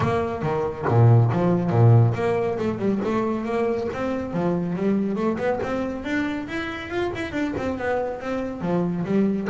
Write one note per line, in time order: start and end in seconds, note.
0.00 0.42 A#3
0.42 0.85 D#3
0.88 1.31 A#2
1.32 1.70 F3
1.70 2.13 A#2
2.14 2.57 A#3
2.58 2.78 A3
2.78 3.00 G3
3.04 3.44 A3
3.44 3.87 A#3
3.93 4.33 C4
4.33 4.75 F3
4.75 5.15 G3
5.15 5.37 A3
5.38 5.59 B3
5.63 6.04 C4
6.04 6.47 D4
6.48 6.89 E4
6.89 7.11 F4
7.15 7.31 E4
7.31 7.53 D4
7.57 7.77 C4
7.77 8.20 B3
8.20 8.61 C4
8.61 9.04 F3
9.05 9.48 G3